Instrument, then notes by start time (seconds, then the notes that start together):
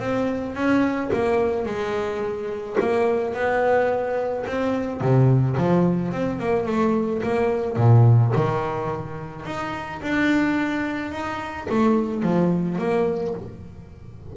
double bass
0.00 C4
0.55 C#4
1.13 A#3
1.66 G#3
2.81 A#3
3.34 B3
4.47 C4
5.01 C3
5.58 F3
6.12 C4
6.40 A#3
6.67 A3
7.23 A#3
7.77 A#2
8.36 D#3
9.46 D#4
10.03 D4
11.12 D#4
11.70 A3
12.23 F3
12.79 A#3